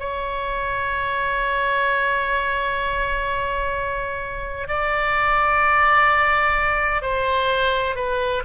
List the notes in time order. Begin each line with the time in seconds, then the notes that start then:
0.00 C#5
4.68 D5
7.02 C5
7.96 B4